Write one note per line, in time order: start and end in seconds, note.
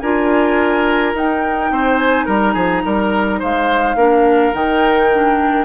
0.00 1.14 D4
0.00 1.16 F4
0.00 1.72 A#4
0.00 1.13 G#5
1.14 1.71 D#4
1.14 3.98 D#4
1.14 1.97 G5
1.71 2.27 C4
1.71 2.26 C5
1.97 2.25 G#5
2.26 2.55 G3
2.26 2.54 A#4
2.26 3.41 A#5
2.54 2.84 F3
2.54 2.82 G#4
2.85 3.42 G3
2.85 3.40 A#4
3.40 3.95 G#3
3.40 3.96 C5
3.40 4.54 F5
3.95 4.52 A#3
3.95 4.54 D4
3.95 5.65 A#4
4.54 5.65 D#3
4.54 5.10 D#4
4.54 5.65 G5
5.13 5.65 D4